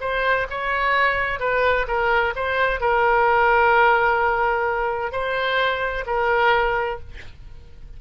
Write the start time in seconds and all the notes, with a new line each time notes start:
0.00 C5
0.50 C#5
1.40 B4
1.87 A#4
2.36 C5
2.80 A#4
5.12 C5
6.06 A#4